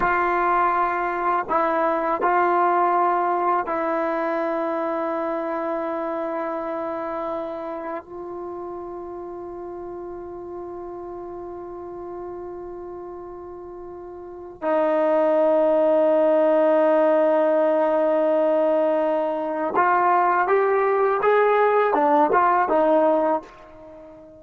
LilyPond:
\new Staff \with { instrumentName = "trombone" } { \time 4/4 \tempo 4 = 82 f'2 e'4 f'4~ | f'4 e'2.~ | e'2. f'4~ | f'1~ |
f'1 | dis'1~ | dis'2. f'4 | g'4 gis'4 d'8 f'8 dis'4 | }